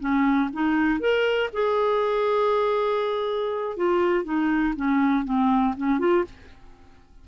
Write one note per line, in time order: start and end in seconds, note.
0.00 0.50 C#4
0.53 1.00 D#4
1.00 1.50 A#4
1.53 3.77 G#4
3.77 4.24 F4
4.24 4.74 D#4
4.76 5.25 C#4
5.25 5.75 C4
5.77 5.99 C#4
5.99 6.24 F4